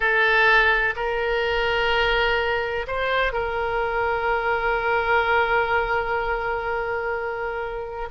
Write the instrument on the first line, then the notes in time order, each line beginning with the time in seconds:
oboe
0.00 A4
0.95 A#4
2.87 C5
3.32 A#4